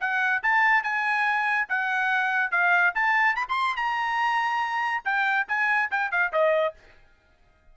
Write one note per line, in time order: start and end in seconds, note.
0.00 0.42 F#5
0.43 0.83 A5
0.83 1.67 G#5
1.68 2.51 F#5
2.51 2.93 F5
2.95 3.35 A5
3.35 3.46 B5
3.48 3.76 C6
3.76 5.03 A#5
5.04 5.47 G5
5.48 5.90 G#5
5.90 6.11 G5
6.11 6.32 F5
6.32 6.74 D#5